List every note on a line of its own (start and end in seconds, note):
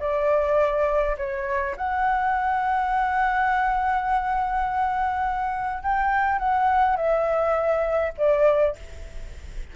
0.00 1.17 D5
1.17 1.76 C#5
1.77 5.83 F#5
5.83 6.39 G5
6.39 6.96 F#5
6.96 8.13 E5
8.18 8.76 D5